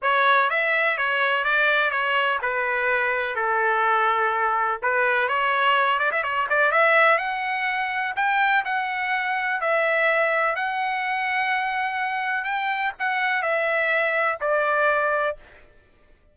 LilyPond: \new Staff \with { instrumentName = "trumpet" } { \time 4/4 \tempo 4 = 125 cis''4 e''4 cis''4 d''4 | cis''4 b'2 a'4~ | a'2 b'4 cis''4~ | cis''8 d''16 e''16 cis''8 d''8 e''4 fis''4~ |
fis''4 g''4 fis''2 | e''2 fis''2~ | fis''2 g''4 fis''4 | e''2 d''2 | }